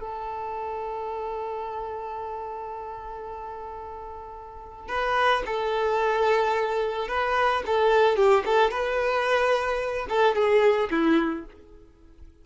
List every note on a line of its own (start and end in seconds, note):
0.00 4.88 A4
4.88 5.42 B4
5.45 7.08 A4
7.08 7.62 B4
7.66 8.16 A4
8.16 8.43 G4
8.45 8.70 A4
8.70 10.07 B4
10.09 10.34 A4
10.34 10.89 G#4
10.90 11.45 E4